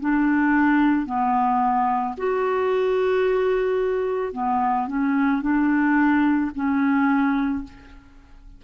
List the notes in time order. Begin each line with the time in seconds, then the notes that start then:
0.00 D4
1.06 B3
2.17 F#4
4.32 B3
4.87 C#4
5.41 D4
6.55 C#4